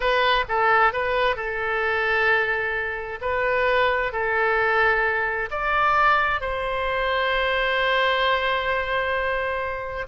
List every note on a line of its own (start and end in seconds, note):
0.00 0.44 B4
0.48 0.92 A4
0.92 1.36 B4
1.36 3.19 A4
3.21 4.12 B4
4.12 5.49 A4
5.50 6.40 D5
6.40 10.07 C5